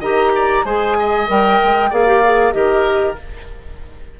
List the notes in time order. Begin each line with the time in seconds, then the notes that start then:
0.00 D#3 G4 D#5 A#5
0.36 D5
0.65 G#3 G#4 C5 G#5
1.00 D#5
1.28 G3 A#4 G5
1.64 G#3
1.90 A#3 G#4 D5 F5
2.07 G4
2.24 G#4
2.52 D#3 G4 A#4 D#5